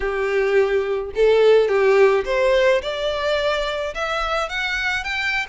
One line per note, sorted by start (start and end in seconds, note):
0.00 1.10 G4
1.15 1.68 A4
1.68 2.24 G4
2.25 2.81 C5
2.81 3.94 D5
3.94 4.49 E5
4.49 5.04 F#5
5.04 5.46 G5